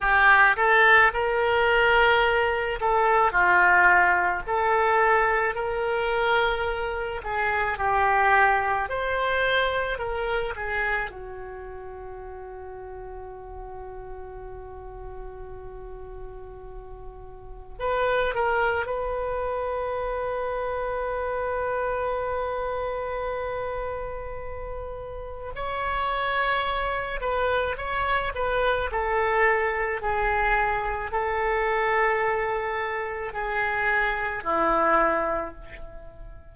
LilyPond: \new Staff \with { instrumentName = "oboe" } { \time 4/4 \tempo 4 = 54 g'8 a'8 ais'4. a'8 f'4 | a'4 ais'4. gis'8 g'4 | c''4 ais'8 gis'8 fis'2~ | fis'1 |
b'8 ais'8 b'2.~ | b'2. cis''4~ | cis''8 b'8 cis''8 b'8 a'4 gis'4 | a'2 gis'4 e'4 | }